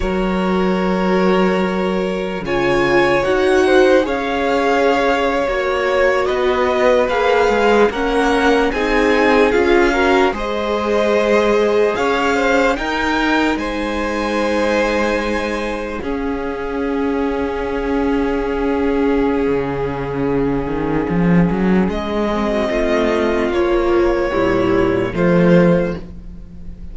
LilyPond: <<
  \new Staff \with { instrumentName = "violin" } { \time 4/4 \tempo 4 = 74 cis''2. gis''4 | fis''4 f''4.~ f''16 cis''4 dis''16~ | dis''8. f''4 fis''4 gis''4 f''16~ | f''8. dis''2 f''4 g''16~ |
g''8. gis''2. f''16~ | f''1~ | f''2. dis''4~ | dis''4 cis''2 c''4 | }
  \new Staff \with { instrumentName = "violin" } { \time 4/4 ais'2. cis''4~ | cis''8 c''8 cis''2~ cis''8. b'16~ | b'4.~ b'16 ais'4 gis'4~ gis'16~ | gis'16 ais'8 c''2 cis''8 c''8 ais'16~ |
ais'8. c''2. gis'16~ | gis'1~ | gis'2.~ gis'8. fis'16 | f'2 e'4 f'4 | }
  \new Staff \with { instrumentName = "viola" } { \time 4/4 fis'2. f'4 | fis'4 gis'4.~ gis'16 fis'4~ fis'16~ | fis'8. gis'4 cis'4 dis'4 f'16~ | f'16 fis'8 gis'2. dis'16~ |
dis'2.~ dis'8. cis'16~ | cis'1~ | cis'2.~ cis'8 c'8~ | c'4 f4 g4 a4 | }
  \new Staff \with { instrumentName = "cello" } { \time 4/4 fis2. cis4 | dis'4 cis'4.~ cis'16 ais4 b16~ | b8. ais8 gis8 ais4 c'4 cis'16~ | cis'8. gis2 cis'4 dis'16~ |
dis'8. gis2. cis'16~ | cis'1 | cis4. dis8 f8 fis8 gis4 | a4 ais4 ais,4 f4 | }
>>